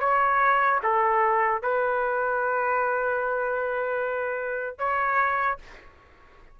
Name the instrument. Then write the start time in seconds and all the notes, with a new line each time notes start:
trumpet
0.00 C#5
0.83 A4
1.63 B4
4.78 C#5